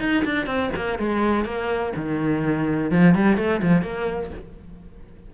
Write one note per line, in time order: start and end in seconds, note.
0.00 0.24 D#4
0.25 0.46 D4
0.46 0.70 C4
0.76 0.99 A#3
0.99 1.45 G#3
1.45 1.93 A#3
1.96 2.91 D#3
2.91 3.15 F3
3.15 3.37 G3
3.37 3.61 A3
3.62 3.82 F3
3.82 4.30 A#3